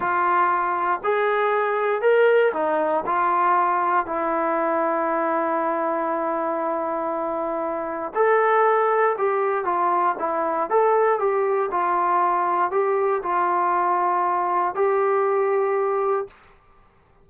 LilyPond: \new Staff \with { instrumentName = "trombone" } { \time 4/4 \tempo 4 = 118 f'2 gis'2 | ais'4 dis'4 f'2 | e'1~ | e'1 |
a'2 g'4 f'4 | e'4 a'4 g'4 f'4~ | f'4 g'4 f'2~ | f'4 g'2. | }